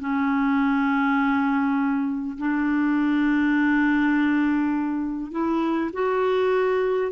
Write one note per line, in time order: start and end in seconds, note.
0.00 2.38 C#4
2.38 5.32 D4
5.32 5.91 E4
5.93 7.12 F#4